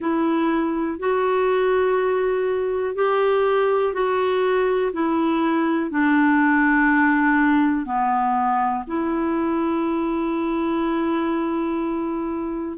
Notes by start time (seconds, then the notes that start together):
0.00 E4
0.99 F#4
2.95 G4
3.93 F#4
4.92 E4
5.90 D4
7.85 B3
8.87 E4